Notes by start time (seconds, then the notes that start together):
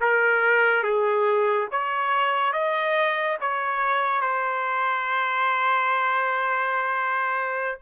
0.00 A#4
0.83 G#4
1.71 C#5
2.52 D#5
3.40 C#5
4.21 C5